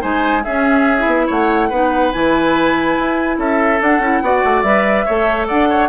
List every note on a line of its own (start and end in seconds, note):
0.00 0.45 G#3
0.00 0.42 D#4
0.00 0.43 C5
0.00 0.44 G#5
0.44 1.07 C#4
0.44 0.98 C#4
0.44 1.27 G#4
0.44 1.28 E5
0.98 1.71 E4
1.07 1.28 B3
1.27 1.71 A3
1.27 1.69 C#5
1.27 2.12 F#5
1.69 2.13 B3
1.69 2.13 D#4
1.69 3.37 B4
2.12 2.98 E3
2.12 3.81 E4
2.12 3.38 G#5
2.98 3.38 E4
3.38 3.80 C#4
3.38 4.23 A4
3.38 3.81 E5
3.81 4.01 D4
3.81 4.00 D4
3.81 4.62 F#5
4.00 4.21 C#4
4.00 4.23 E4
4.22 4.43 B3
4.22 4.65 F#4
4.22 5.06 D5
4.44 4.63 A3
4.62 5.05 G3
4.62 5.07 B4
4.62 5.46 E5
5.06 5.50 A3
5.06 5.89 A4
5.06 5.48 C#5
5.48 5.89 D4
5.48 5.69 D5
5.48 5.89 F#5
5.70 5.89 C#5